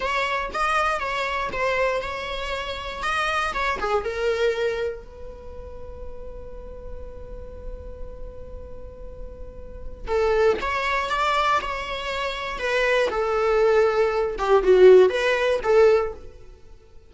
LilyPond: \new Staff \with { instrumentName = "viola" } { \time 4/4 \tempo 4 = 119 cis''4 dis''4 cis''4 c''4 | cis''2 dis''4 cis''8 gis'8 | ais'2 b'2~ | b'1~ |
b'1 | a'4 cis''4 d''4 cis''4~ | cis''4 b'4 a'2~ | a'8 g'8 fis'4 b'4 a'4 | }